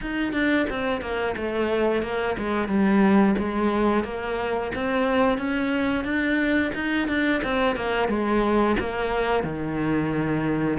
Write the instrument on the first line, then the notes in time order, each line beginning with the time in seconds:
cello
0.01 D#4
0.32 D4
0.69 C4
1.01 A#3
1.36 A3
2.02 A#3
2.38 G#3
2.68 G3
3.38 G#3
4.04 A#3
4.75 C4
5.37 C#4
6.04 D4
6.74 D#4
7.08 D4
7.43 C4
7.75 A#3
8.08 G#3
8.79 A#3
9.43 D#3